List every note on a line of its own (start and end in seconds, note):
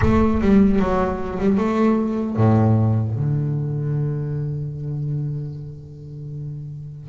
0.01 0.41 A3
0.41 0.79 G3
0.79 1.38 F#3
1.39 1.57 G3
1.57 2.36 A3
2.36 3.14 A2
3.14 7.09 D3